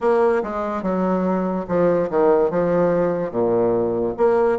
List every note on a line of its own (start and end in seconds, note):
0.00 0.42 A#3
0.43 0.82 G#3
0.82 1.66 F#3
1.67 2.09 F3
2.09 2.50 D#3
2.50 3.31 F3
3.31 4.14 A#2
4.17 4.58 A#3